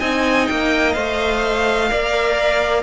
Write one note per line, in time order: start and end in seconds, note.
0.00 0.48 C4
0.00 0.95 D#4
0.00 1.91 D#5
0.00 0.48 G#5
0.48 0.96 A#3
0.48 0.93 G5
0.93 1.92 A3
0.93 1.88 C5
0.93 2.83 F5
1.88 2.83 A#3
1.88 2.83 A#4
1.88 2.83 D5